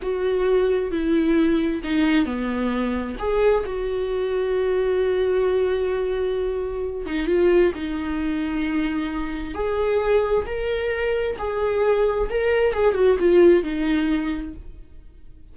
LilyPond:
\new Staff \with { instrumentName = "viola" } { \time 4/4 \tempo 4 = 132 fis'2 e'2 | dis'4 b2 gis'4 | fis'1~ | fis'2.~ fis'8 dis'8 |
f'4 dis'2.~ | dis'4 gis'2 ais'4~ | ais'4 gis'2 ais'4 | gis'8 fis'8 f'4 dis'2 | }